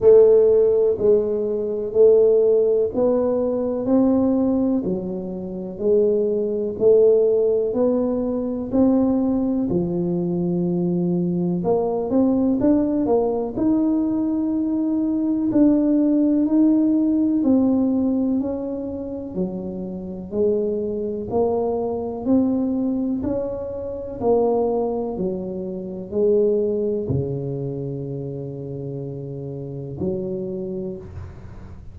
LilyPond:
\new Staff \with { instrumentName = "tuba" } { \time 4/4 \tempo 4 = 62 a4 gis4 a4 b4 | c'4 fis4 gis4 a4 | b4 c'4 f2 | ais8 c'8 d'8 ais8 dis'2 |
d'4 dis'4 c'4 cis'4 | fis4 gis4 ais4 c'4 | cis'4 ais4 fis4 gis4 | cis2. fis4 | }